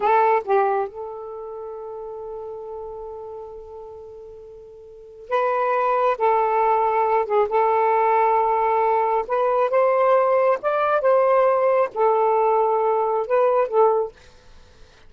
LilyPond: \new Staff \with { instrumentName = "saxophone" } { \time 4/4 \tempo 4 = 136 a'4 g'4 a'2~ | a'1~ | a'1 | b'2 a'2~ |
a'8 gis'8 a'2.~ | a'4 b'4 c''2 | d''4 c''2 a'4~ | a'2 b'4 a'4 | }